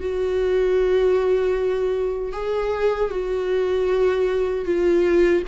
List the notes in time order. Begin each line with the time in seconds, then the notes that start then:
0.00 F#4
2.32 G#4
3.11 F#4
4.65 F4